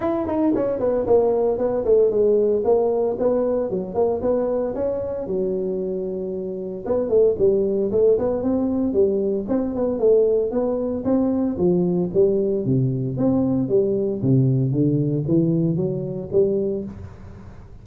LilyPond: \new Staff \with { instrumentName = "tuba" } { \time 4/4 \tempo 4 = 114 e'8 dis'8 cis'8 b8 ais4 b8 a8 | gis4 ais4 b4 fis8 ais8 | b4 cis'4 fis2~ | fis4 b8 a8 g4 a8 b8 |
c'4 g4 c'8 b8 a4 | b4 c'4 f4 g4 | c4 c'4 g4 c4 | d4 e4 fis4 g4 | }